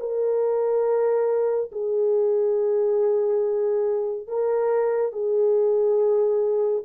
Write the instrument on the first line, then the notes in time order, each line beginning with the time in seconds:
horn
0.00 A#4
1.72 G#4
4.28 A#4
5.12 G#4